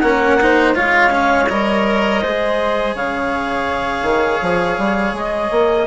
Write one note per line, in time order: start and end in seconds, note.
0.00 0.76 A#3
0.00 0.41 C#4
0.00 0.39 A#4
0.00 0.73 F#5
0.41 0.76 D#4
0.41 0.77 C5
0.76 1.50 G#3
0.76 1.11 F4
0.76 2.23 C#5
0.76 1.49 F5
1.11 1.47 C#4
1.49 2.24 G3
1.49 2.23 A#4
1.49 2.95 D#5
2.23 2.95 G#3
2.23 5.87 G#4
2.23 2.95 C5
2.95 4.03 C#3
2.95 5.87 C#5
2.95 5.16 F5
4.03 4.39 D#3
4.42 4.78 F3
4.78 5.14 G3
5.14 5.50 G#3
5.14 5.87 D#5
5.51 5.87 A#3